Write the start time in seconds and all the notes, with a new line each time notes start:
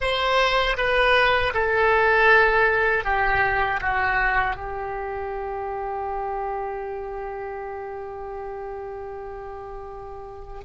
0.00 C5
0.77 B4
1.54 A4
3.04 G4
3.80 F#4
4.56 G4